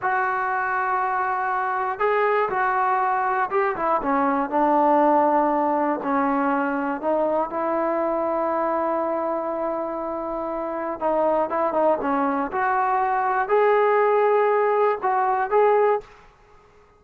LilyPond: \new Staff \with { instrumentName = "trombone" } { \time 4/4 \tempo 4 = 120 fis'1 | gis'4 fis'2 g'8 e'8 | cis'4 d'2. | cis'2 dis'4 e'4~ |
e'1~ | e'2 dis'4 e'8 dis'8 | cis'4 fis'2 gis'4~ | gis'2 fis'4 gis'4 | }